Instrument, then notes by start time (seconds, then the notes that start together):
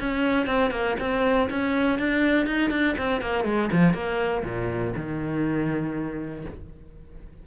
cello
0.00 C#4
0.47 C4
0.71 A#3
1.00 C4
1.50 C#4
1.99 D4
2.47 D#4
2.71 D4
2.98 C4
3.22 A#3
3.45 G#3
3.72 F3
3.94 A#3
4.44 A#2
4.97 D#3